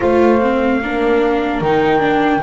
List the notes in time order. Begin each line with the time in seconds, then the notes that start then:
0.00 A3 F4 C5 F5
0.40 C4
0.81 A#3 D4 A#4
1.60 D#3 D#4 G5
1.99 D4